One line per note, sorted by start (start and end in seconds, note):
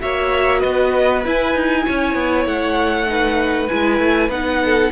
0.00 0.64 A#3
0.00 1.22 F#4
0.00 0.59 C#5
0.00 0.61 E5
0.59 1.25 B3
0.59 1.81 B4
0.59 1.23 D#5
1.24 3.06 E4
1.24 1.54 E4
1.24 2.46 G#5
1.54 1.85 D#4
1.86 2.14 C#4
1.86 3.08 C#5
2.14 2.45 B3
2.45 3.67 A3
2.45 3.67 F#5
3.06 3.67 D#4
3.06 4.62 B4
3.67 4.00 G#3
3.67 4.30 E4
3.67 4.29 G#5
4.00 4.28 A3
4.28 4.90 B3
4.28 4.91 D#4
4.28 4.91 F#5
4.65 4.91 A4